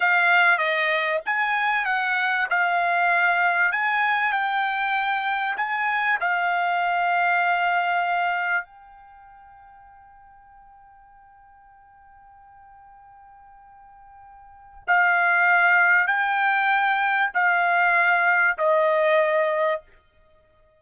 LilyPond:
\new Staff \with { instrumentName = "trumpet" } { \time 4/4 \tempo 4 = 97 f''4 dis''4 gis''4 fis''4 | f''2 gis''4 g''4~ | g''4 gis''4 f''2~ | f''2 g''2~ |
g''1~ | g''1 | f''2 g''2 | f''2 dis''2 | }